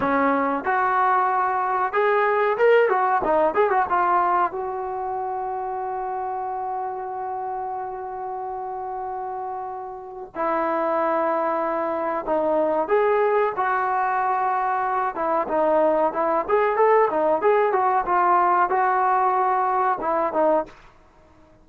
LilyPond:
\new Staff \with { instrumentName = "trombone" } { \time 4/4 \tempo 4 = 93 cis'4 fis'2 gis'4 | ais'8 fis'8 dis'8 gis'16 fis'16 f'4 fis'4~ | fis'1~ | fis'1 |
e'2. dis'4 | gis'4 fis'2~ fis'8 e'8 | dis'4 e'8 gis'8 a'8 dis'8 gis'8 fis'8 | f'4 fis'2 e'8 dis'8 | }